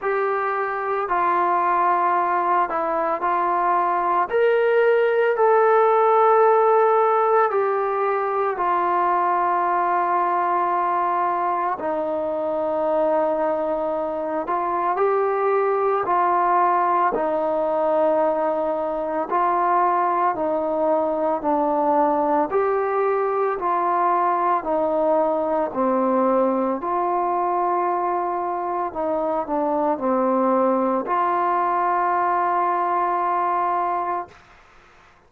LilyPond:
\new Staff \with { instrumentName = "trombone" } { \time 4/4 \tempo 4 = 56 g'4 f'4. e'8 f'4 | ais'4 a'2 g'4 | f'2. dis'4~ | dis'4. f'8 g'4 f'4 |
dis'2 f'4 dis'4 | d'4 g'4 f'4 dis'4 | c'4 f'2 dis'8 d'8 | c'4 f'2. | }